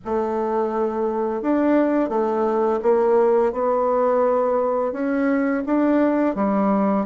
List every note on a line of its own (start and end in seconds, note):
0.04 1.41 A3
1.41 2.09 D4
2.09 2.79 A3
2.82 3.52 A#3
3.52 4.92 B3
4.92 5.63 C#4
5.65 6.35 D4
6.35 7.06 G3